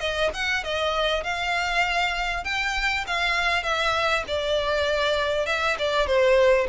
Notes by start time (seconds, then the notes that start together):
0.00 D#5
0.34 F#5
0.64 D#5
1.23 F5
2.44 G5
3.07 F5
3.63 E5
4.28 D5
5.47 E5
5.79 D5
6.07 C5